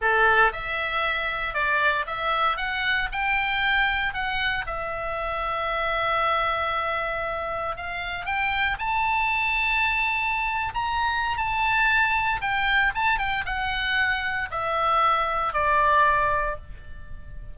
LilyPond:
\new Staff \with { instrumentName = "oboe" } { \time 4/4 \tempo 4 = 116 a'4 e''2 d''4 | e''4 fis''4 g''2 | fis''4 e''2.~ | e''2. f''4 |
g''4 a''2.~ | a''8. ais''4~ ais''16 a''2 | g''4 a''8 g''8 fis''2 | e''2 d''2 | }